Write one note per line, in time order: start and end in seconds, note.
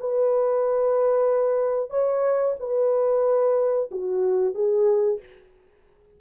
0.00 1.90 B4
1.90 2.55 C#5
2.59 3.90 B4
3.91 4.54 F#4
4.54 5.20 G#4